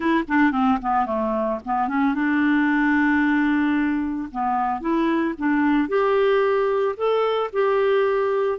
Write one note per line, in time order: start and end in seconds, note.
0.00 0.24 E4
0.28 0.51 D4
0.51 0.78 C4
0.81 1.05 B3
1.05 1.59 A3
1.65 1.88 B3
1.88 2.14 C#4
2.14 4.29 D4
4.31 4.80 B3
4.80 5.34 E4
5.38 5.88 D4
5.88 6.95 G4
6.96 7.50 A4
7.52 8.59 G4